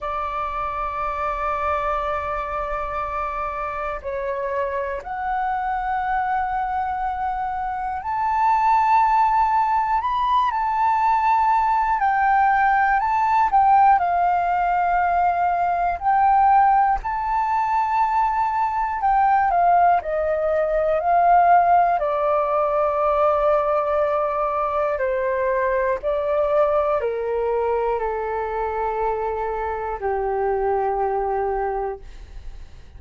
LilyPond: \new Staff \with { instrumentName = "flute" } { \time 4/4 \tempo 4 = 60 d''1 | cis''4 fis''2. | a''2 b''8 a''4. | g''4 a''8 g''8 f''2 |
g''4 a''2 g''8 f''8 | dis''4 f''4 d''2~ | d''4 c''4 d''4 ais'4 | a'2 g'2 | }